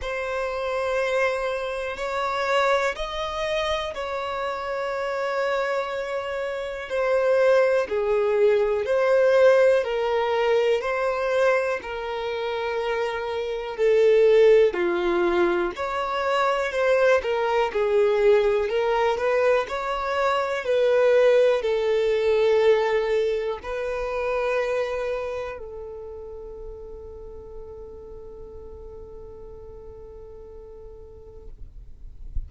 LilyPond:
\new Staff \with { instrumentName = "violin" } { \time 4/4 \tempo 4 = 61 c''2 cis''4 dis''4 | cis''2. c''4 | gis'4 c''4 ais'4 c''4 | ais'2 a'4 f'4 |
cis''4 c''8 ais'8 gis'4 ais'8 b'8 | cis''4 b'4 a'2 | b'2 a'2~ | a'1 | }